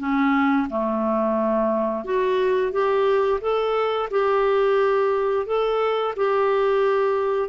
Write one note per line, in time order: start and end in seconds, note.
0.00 0.68 C#4
0.70 2.05 A3
2.05 2.72 F#4
2.72 3.41 G4
3.41 4.09 A4
4.11 5.46 G4
5.46 6.15 A4
6.17 7.49 G4